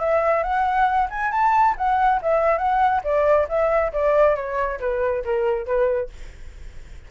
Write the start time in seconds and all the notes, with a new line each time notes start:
0.00 E5
0.44 F#5
1.10 G#5
1.32 A5
1.78 F#5
2.23 E5
2.58 F#5
3.04 D5
3.49 E5
3.93 D5
4.36 C#5
4.80 B4
5.25 A#4
5.67 B4